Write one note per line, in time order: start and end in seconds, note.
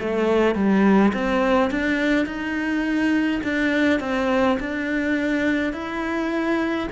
0.00 0.55 A3
0.55 1.13 G3
1.14 1.71 C4
1.71 2.26 D4
2.26 3.41 D#4
3.44 4.00 D4
4.00 4.58 C4
4.60 5.73 D4
5.73 6.89 E4